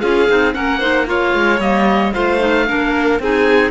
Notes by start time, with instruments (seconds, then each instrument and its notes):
0.00 cello C#4, clarinet F4, violin G#4, oboe F5
0.28 cello C4, clarinet D#4
0.53 cello A#3, clarinet C#4, violin A#4, oboe F#5
0.79 clarinet D#4, violin C5
1.06 clarinet F4, violin C#5, oboe F5
1.33 cello G#3
1.59 cello G3, clarinet A#3, oboe D#5
2.13 cello A3, clarinet F4, violin C5, oboe F5
2.39 clarinet D#4
2.67 cello A#3, clarinet D4, violin A#4
3.19 cello C4, clarinet D#4, violin G#4, oboe G#5